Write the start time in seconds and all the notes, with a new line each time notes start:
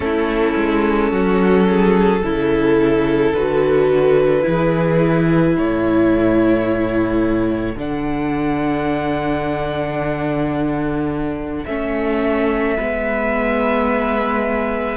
0.00 A3 C#4 E4 A4
0.56 G#3
1.11 F#3 F#4
1.69 G#4
2.22 C#3 E4 A4
3.33 D3 F#4 B4
4.42 E3 E4 G#4
5.56 A2 A4 C#5
7.75 D3 D4 F#5
11.65 A3 C#4 E5
12.76 G#3 B3 B4